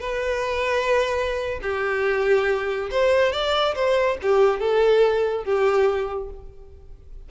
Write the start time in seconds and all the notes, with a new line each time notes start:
0.00 B4
1.62 G4
2.91 C5
3.32 D5
3.74 C5
4.22 G4
4.60 A4
5.44 G4